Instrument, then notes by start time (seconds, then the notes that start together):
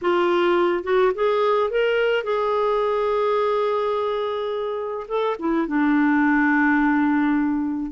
clarinet
0.01 F4
0.83 F#4
1.14 G#4
1.70 A#4
2.23 G#4
5.08 A4
5.39 E4
5.67 D4